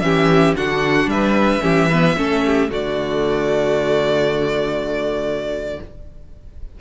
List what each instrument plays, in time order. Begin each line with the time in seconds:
0.00 cello E3, viola C#4, violin G4 E5
0.57 cello D3, viola D4, violin F#4 F#5
1.06 cello G3, violin B4 E5
1.61 cello E3, viola C#4, violin G4
1.89 viola B3, violin B4
2.17 cello A3, viola C#4, violin A4
2.45 violin G4
2.69 cello D3, viola A3, violin F#4 D5